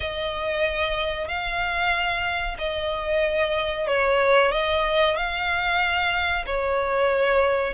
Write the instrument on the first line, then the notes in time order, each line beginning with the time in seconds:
violin
0.00 D#5
1.28 F5
2.58 D#5
3.87 C#5
4.51 D#5
5.16 F5
6.45 C#5